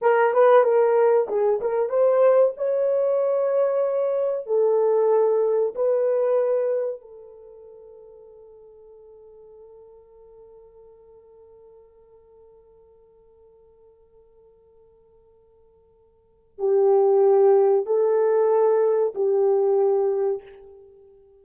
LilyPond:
\new Staff \with { instrumentName = "horn" } { \time 4/4 \tempo 4 = 94 ais'8 b'8 ais'4 gis'8 ais'8 c''4 | cis''2. a'4~ | a'4 b'2 a'4~ | a'1~ |
a'1~ | a'1~ | a'2 g'2 | a'2 g'2 | }